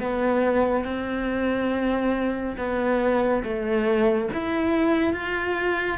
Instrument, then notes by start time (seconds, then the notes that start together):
cello
0.00 B3
0.85 C4
2.58 B3
3.44 A3
4.33 E4
5.14 F4